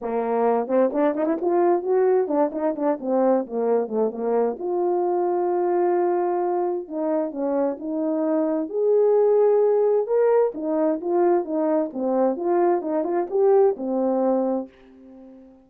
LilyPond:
\new Staff \with { instrumentName = "horn" } { \time 4/4 \tempo 4 = 131 ais4. c'8 d'8 dis'16 e'16 f'4 | fis'4 d'8 dis'8 d'8 c'4 ais8~ | ais8 a8 ais4 f'2~ | f'2. dis'4 |
cis'4 dis'2 gis'4~ | gis'2 ais'4 dis'4 | f'4 dis'4 c'4 f'4 | dis'8 f'8 g'4 c'2 | }